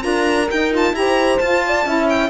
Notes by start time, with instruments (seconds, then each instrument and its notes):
0.00 cello D4, saxophone F4, horn A#4, violin A#5
0.50 saxophone D#4, cello D#4, violin G5
0.72 saxophone F4, violin A5
0.93 cello E4, saxophone G4, violin A#5
0.99 horn C5
1.39 cello F4, saxophone F4, violin A5
1.65 horn D5
1.85 cello C#4, saxophone E4, horn E5
2.09 violin G5